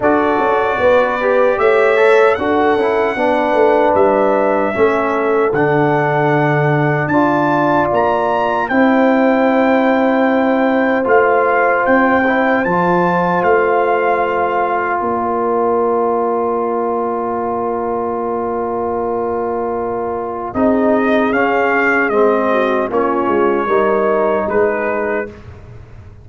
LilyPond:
<<
  \new Staff \with { instrumentName = "trumpet" } { \time 4/4 \tempo 4 = 76 d''2 e''4 fis''4~ | fis''4 e''2 fis''4~ | fis''4 a''4 ais''4 g''4~ | g''2 f''4 g''4 |
a''4 f''2 d''4~ | d''1~ | d''2 dis''4 f''4 | dis''4 cis''2 b'4 | }
  \new Staff \with { instrumentName = "horn" } { \time 4/4 a'4 b'4 cis''4 a'4 | b'2 a'2~ | a'4 d''2 c''4~ | c''1~ |
c''2. ais'4~ | ais'1~ | ais'2 gis'2~ | gis'8 fis'8 f'4 ais'4 gis'4 | }
  \new Staff \with { instrumentName = "trombone" } { \time 4/4 fis'4. g'4 a'8 fis'8 e'8 | d'2 cis'4 d'4~ | d'4 f'2 e'4~ | e'2 f'4. e'8 |
f'1~ | f'1~ | f'2 dis'4 cis'4 | c'4 cis'4 dis'2 | }
  \new Staff \with { instrumentName = "tuba" } { \time 4/4 d'8 cis'8 b4 a4 d'8 cis'8 | b8 a8 g4 a4 d4~ | d4 d'4 ais4 c'4~ | c'2 a4 c'4 |
f4 a2 ais4~ | ais1~ | ais2 c'4 cis'4 | gis4 ais8 gis8 g4 gis4 | }
>>